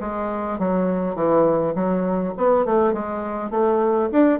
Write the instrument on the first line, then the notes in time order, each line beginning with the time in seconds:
bassoon
0.00 G#3
0.59 F#3
1.15 E3
1.75 F#3
2.37 B3
2.65 A3
2.93 G#3
3.50 A3
4.12 D4